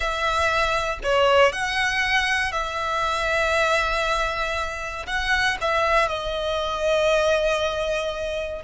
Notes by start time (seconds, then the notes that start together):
0.00 E5
1.03 C#5
1.52 F#5
2.51 E5
5.06 F#5
5.61 E5
6.08 D#5